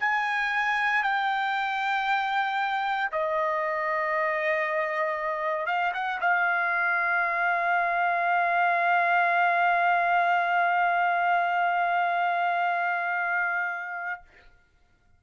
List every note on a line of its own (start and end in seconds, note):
0.00 1.03 G#5
1.03 3.10 G5
3.12 5.66 D#5
5.66 5.92 F5
5.94 6.20 F#5
6.21 14.22 F5